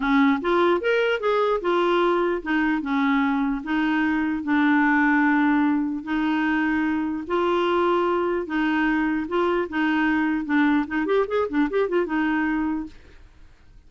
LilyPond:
\new Staff \with { instrumentName = "clarinet" } { \time 4/4 \tempo 4 = 149 cis'4 f'4 ais'4 gis'4 | f'2 dis'4 cis'4~ | cis'4 dis'2 d'4~ | d'2. dis'4~ |
dis'2 f'2~ | f'4 dis'2 f'4 | dis'2 d'4 dis'8 g'8 | gis'8 d'8 g'8 f'8 dis'2 | }